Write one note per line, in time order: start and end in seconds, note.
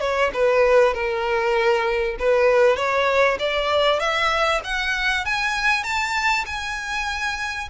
0.00 0.31 C#5
0.34 0.94 B4
0.94 2.17 A#4
2.19 2.77 B4
2.77 3.38 C#5
3.39 4.00 D5
4.00 4.61 E5
4.64 5.25 F#5
5.25 5.84 G#5
5.84 6.45 A5
6.46 7.69 G#5